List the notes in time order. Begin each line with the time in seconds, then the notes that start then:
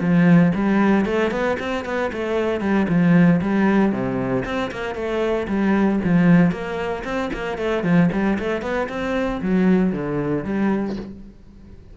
0.00 F3
0.54 G3
1.06 A3
1.31 B3
1.59 C4
1.85 B3
2.12 A3
2.61 G3
2.88 F3
3.41 G3
3.92 C3
4.45 C4
4.71 A#3
4.95 A3
5.48 G3
6.04 F3
6.51 A#3
7.04 C4
7.33 A#3
7.58 A3
7.83 F3
8.12 G3
8.39 A3
8.62 B3
8.89 C4
9.42 F#3
9.92 D3
10.44 G3